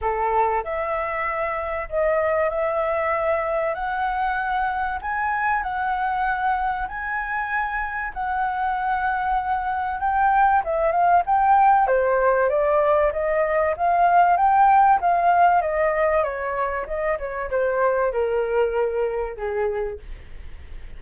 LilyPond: \new Staff \with { instrumentName = "flute" } { \time 4/4 \tempo 4 = 96 a'4 e''2 dis''4 | e''2 fis''2 | gis''4 fis''2 gis''4~ | gis''4 fis''2. |
g''4 e''8 f''8 g''4 c''4 | d''4 dis''4 f''4 g''4 | f''4 dis''4 cis''4 dis''8 cis''8 | c''4 ais'2 gis'4 | }